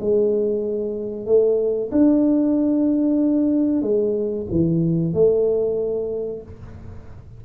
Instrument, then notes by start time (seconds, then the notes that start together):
tuba
0.00 G#3
1.26 A3
1.91 D4
3.82 G#3
4.51 E3
5.13 A3